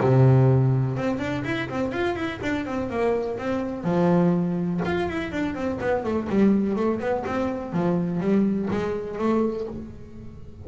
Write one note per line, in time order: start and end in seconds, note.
0.00 0.97 C3
0.97 1.19 C4
1.19 1.43 D4
1.44 1.68 E4
1.69 1.92 C4
1.92 2.15 F4
2.15 2.40 E4
2.42 2.65 D4
2.65 2.89 C4
2.90 3.38 A#3
3.38 3.83 C4
3.83 4.80 F3
4.85 5.09 F4
5.09 5.31 E4
5.31 5.54 D4
5.54 5.78 C4
5.80 6.04 B3
6.04 6.28 A3
6.29 6.76 G3
6.76 6.99 A3
6.99 7.24 B3
7.26 7.73 C4
7.73 8.20 F3
8.20 8.68 G3
8.70 9.18 G#3
9.18 9.66 A3